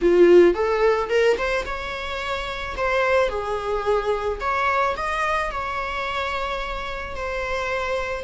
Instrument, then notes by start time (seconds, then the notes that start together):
viola
0.01 F4
0.54 A4
1.09 A#4
1.37 C5
1.65 C#5
2.76 C5
3.29 G#4
4.40 C#5
4.96 D#5
5.51 C#5
7.15 C5